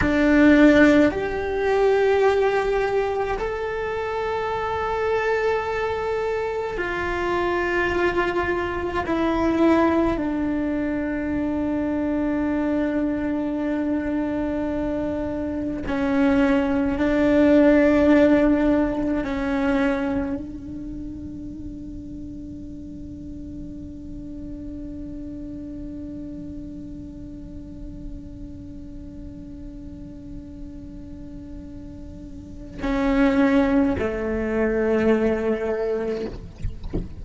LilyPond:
\new Staff \with { instrumentName = "cello" } { \time 4/4 \tempo 4 = 53 d'4 g'2 a'4~ | a'2 f'2 | e'4 d'2.~ | d'2 cis'4 d'4~ |
d'4 cis'4 d'2~ | d'1~ | d'1~ | d'4 cis'4 a2 | }